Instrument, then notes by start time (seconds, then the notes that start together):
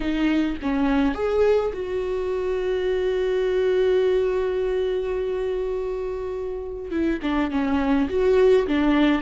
viola
0.00 D#4
0.62 C#4
1.14 G#4
1.73 F#4
6.90 E4
7.22 D4
7.50 C#4
8.09 F#4
8.67 D4